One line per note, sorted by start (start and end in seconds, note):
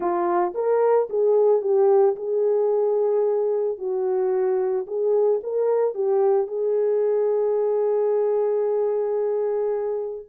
0.00 0.53 F4
0.54 1.08 A#4
1.09 1.61 G#4
1.61 2.15 G4
2.15 3.78 G#4
3.78 4.86 F#4
4.86 5.40 G#4
5.43 5.94 A#4
5.94 6.47 G4
6.47 10.25 G#4